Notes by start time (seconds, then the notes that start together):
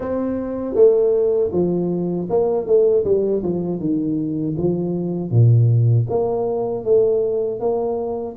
0.00 C4
0.74 A3
1.52 F3
2.29 A#3
2.66 A3
3.04 G3
3.42 F3
3.79 D#3
4.57 F3
5.30 A#2
6.09 A#3
6.84 A3
7.59 A#3